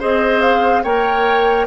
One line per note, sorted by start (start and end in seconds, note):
0.00 0.85 C4
0.00 0.84 G#4
0.00 0.83 C5
0.00 0.42 D#5
0.42 0.84 F5
0.84 1.68 A#3
0.84 1.68 A#4
0.84 1.67 C#5
0.84 1.67 G5